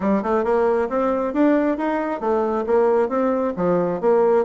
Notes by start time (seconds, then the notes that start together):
0.00 G3
0.23 A3
0.44 A#3
0.89 C4
1.33 D4
1.77 D#4
2.20 A3
2.66 A#3
3.08 C4
3.56 F3
4.00 A#3